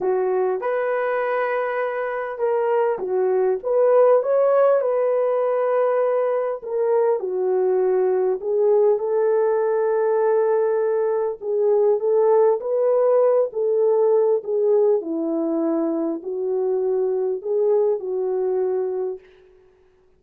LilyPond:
\new Staff \with { instrumentName = "horn" } { \time 4/4 \tempo 4 = 100 fis'4 b'2. | ais'4 fis'4 b'4 cis''4 | b'2. ais'4 | fis'2 gis'4 a'4~ |
a'2. gis'4 | a'4 b'4. a'4. | gis'4 e'2 fis'4~ | fis'4 gis'4 fis'2 | }